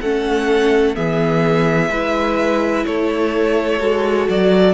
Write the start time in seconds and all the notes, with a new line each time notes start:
0.00 A3 C#4 A4 F#5
0.95 E3 B3 G#4 E5
1.89 G#3 E4 B4
2.86 A3 A4 C#5
3.79 G#3 F#4
4.29 F#3 D5